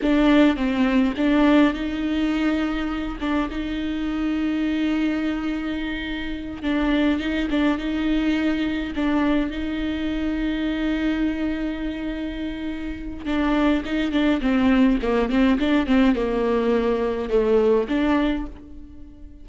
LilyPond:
\new Staff \with { instrumentName = "viola" } { \time 4/4 \tempo 4 = 104 d'4 c'4 d'4 dis'4~ | dis'4. d'8 dis'2~ | dis'2.~ dis'8 d'8~ | d'8 dis'8 d'8 dis'2 d'8~ |
d'8 dis'2.~ dis'8~ | dis'2. d'4 | dis'8 d'8 c'4 ais8 c'8 d'8 c'8 | ais2 a4 d'4 | }